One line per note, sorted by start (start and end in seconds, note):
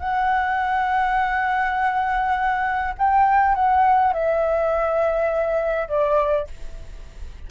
0.00 2.94 F#5
2.98 3.55 G5
3.55 4.13 F#5
4.13 5.89 E5
5.89 6.47 D5